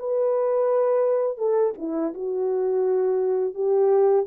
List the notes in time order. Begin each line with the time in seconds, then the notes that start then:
0.00 B4
1.38 A4
1.79 E4
2.15 F#4
3.55 G4